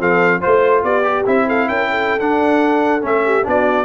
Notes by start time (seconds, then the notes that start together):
0.00 F3 C4 A4 F5
0.41 A3 F4 C5
0.84 B3 G4 D5
1.04 G4
1.27 C4 E4 E5
1.47 A4 F5
1.69 C#4 A#4 G5
1.91 A4
2.20 D4 F#5
3.01 A3 C#4 E5
3.25 G4
3.44 B3 D4 F#4 D5